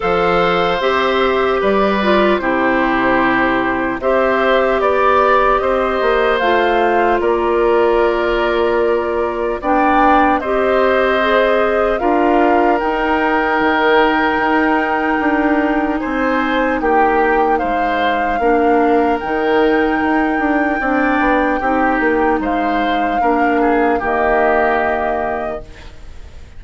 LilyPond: <<
  \new Staff \with { instrumentName = "flute" } { \time 4/4 \tempo 4 = 75 f''4 e''4 d''4 c''4~ | c''4 e''4 d''4 dis''4 | f''4 d''2. | g''4 dis''2 f''4 |
g''1 | gis''4 g''4 f''2 | g''1 | f''2 dis''2 | }
  \new Staff \with { instrumentName = "oboe" } { \time 4/4 c''2 b'4 g'4~ | g'4 c''4 d''4 c''4~ | c''4 ais'2. | d''4 c''2 ais'4~ |
ais'1 | c''4 g'4 c''4 ais'4~ | ais'2 d''4 g'4 | c''4 ais'8 gis'8 g'2 | }
  \new Staff \with { instrumentName = "clarinet" } { \time 4/4 a'4 g'4. f'8 e'4~ | e'4 g'2. | f'1 | d'4 g'4 gis'4 f'4 |
dis'1~ | dis'2. d'4 | dis'2 d'4 dis'4~ | dis'4 d'4 ais2 | }
  \new Staff \with { instrumentName = "bassoon" } { \time 4/4 f4 c'4 g4 c4~ | c4 c'4 b4 c'8 ais8 | a4 ais2. | b4 c'2 d'4 |
dis'4 dis4 dis'4 d'4 | c'4 ais4 gis4 ais4 | dis4 dis'8 d'8 c'8 b8 c'8 ais8 | gis4 ais4 dis2 | }
>>